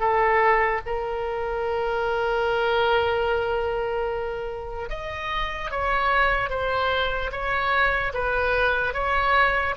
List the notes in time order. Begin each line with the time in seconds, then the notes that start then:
0.00 A4
0.86 A#4
4.90 D#5
5.71 C#5
6.50 C5
7.32 C#5
8.14 B4
8.94 C#5